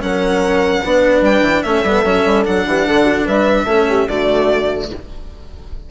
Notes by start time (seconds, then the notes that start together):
0.00 F#3 C#4 A#4 F#5
0.83 B3 D4 B4
1.21 G3 G5
1.41 E3
1.63 A3 C#4 A4 E5
1.83 G3 B3
2.04 F#3 C#4
2.26 G3
2.45 F#3 D4 F#5
2.66 E3 G4
2.86 D3 A4
3.04 F#4
3.26 G3 B4 E5
3.65 A3 C#4 A4
3.89 G4
4.08 D3 A3 F#4 D5